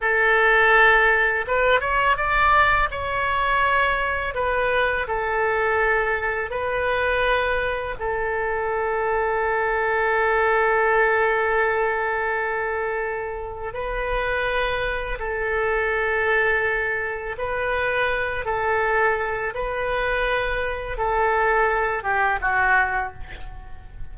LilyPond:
\new Staff \with { instrumentName = "oboe" } { \time 4/4 \tempo 4 = 83 a'2 b'8 cis''8 d''4 | cis''2 b'4 a'4~ | a'4 b'2 a'4~ | a'1~ |
a'2. b'4~ | b'4 a'2. | b'4. a'4. b'4~ | b'4 a'4. g'8 fis'4 | }